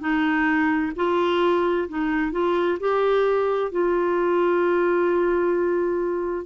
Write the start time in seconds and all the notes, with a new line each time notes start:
0.00 D#4
0.96 F4
1.89 D#4
2.32 F4
2.80 G4
3.72 F4